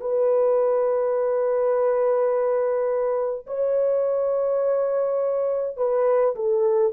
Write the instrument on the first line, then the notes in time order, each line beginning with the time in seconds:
horn
0.00 B4
3.46 C#5
5.77 B4
6.35 A4